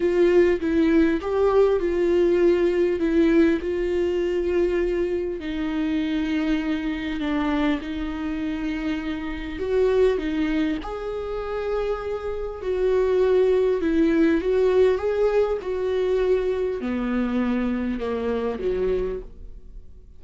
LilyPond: \new Staff \with { instrumentName = "viola" } { \time 4/4 \tempo 4 = 100 f'4 e'4 g'4 f'4~ | f'4 e'4 f'2~ | f'4 dis'2. | d'4 dis'2. |
fis'4 dis'4 gis'2~ | gis'4 fis'2 e'4 | fis'4 gis'4 fis'2 | b2 ais4 fis4 | }